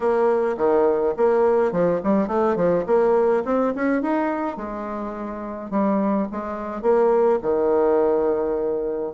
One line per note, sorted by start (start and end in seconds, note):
0.00 0.56 A#3
0.57 1.14 D#3
1.17 1.71 A#3
1.71 2.00 F3
2.03 2.27 G3
2.27 2.56 A3
2.56 2.84 F3
2.86 3.43 A#3
3.44 3.73 C4
3.75 4.02 C#4
4.02 4.56 D#4
4.56 5.70 G#3
5.70 6.27 G3
6.31 6.82 G#3
6.82 7.39 A#3
7.42 9.13 D#3